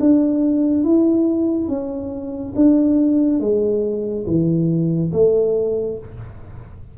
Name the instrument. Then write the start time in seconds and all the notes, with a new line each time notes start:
tuba
0.00 D4
0.84 E4
1.68 C#4
2.56 D4
3.40 G#3
4.26 E3
5.12 A3